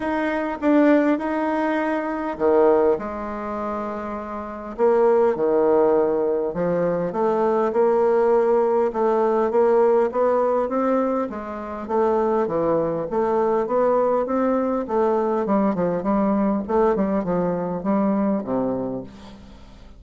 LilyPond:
\new Staff \with { instrumentName = "bassoon" } { \time 4/4 \tempo 4 = 101 dis'4 d'4 dis'2 | dis4 gis2. | ais4 dis2 f4 | a4 ais2 a4 |
ais4 b4 c'4 gis4 | a4 e4 a4 b4 | c'4 a4 g8 f8 g4 | a8 g8 f4 g4 c4 | }